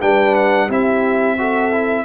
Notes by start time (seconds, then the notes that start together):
0.00 G3 D4 B4 G5
0.35 F#5
0.68 C4 E4 G4 E5
1.38 F#4 A4
1.72 E4